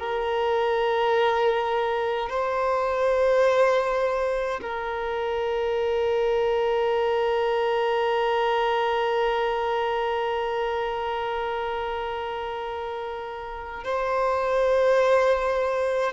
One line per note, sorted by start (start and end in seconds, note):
0.00 2.30 A#4
2.30 4.60 C5
4.62 13.84 A#4
13.84 16.13 C5